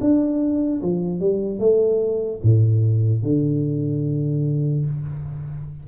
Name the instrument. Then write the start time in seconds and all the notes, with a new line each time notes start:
tuba
0.00 D4
0.81 F3
1.20 G3
1.59 A3
2.43 A2
3.22 D3